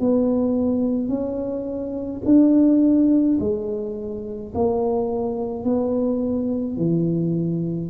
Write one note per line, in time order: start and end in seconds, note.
0.00 1.09 B3
1.09 2.22 C#4
2.25 3.39 D4
3.40 4.53 G#3
4.55 5.64 A#3
5.64 6.78 B3
6.78 7.90 E3